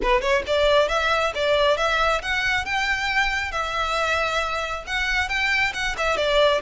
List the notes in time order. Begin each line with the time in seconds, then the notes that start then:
0.02 B4
0.21 C#5
0.47 D5
0.88 E5
1.35 D5
1.77 E5
2.22 F#5
2.65 G5
3.51 E5
4.86 F#5
5.28 G5
5.73 F#5
5.97 E5
6.16 D5